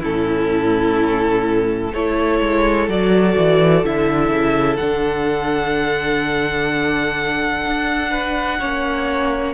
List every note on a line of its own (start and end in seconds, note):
0.00 1.93 A2
0.00 1.93 C#4
0.00 1.90 E4
0.00 1.93 A4
1.93 2.40 A3
1.93 2.89 E4
1.93 8.10 A4
1.93 2.88 C#5
2.40 2.88 G#3
2.88 3.36 F#3
2.88 3.84 F#4
2.88 3.85 D5
3.37 3.84 E3
3.84 4.30 D3
3.84 4.79 E4
3.84 4.76 E5
4.30 4.77 C#3
4.76 7.65 D3
4.76 8.59 D4
4.76 9.53 F#5
7.65 8.61 D4
8.10 8.58 B4
8.59 9.54 A#3
8.59 9.54 C#4
8.59 9.54 C#5